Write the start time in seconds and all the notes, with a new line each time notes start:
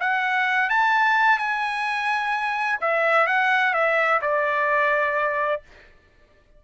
0.00 F#5
0.69 A5
1.38 G#5
2.81 E5
3.27 F#5
3.74 E5
4.21 D5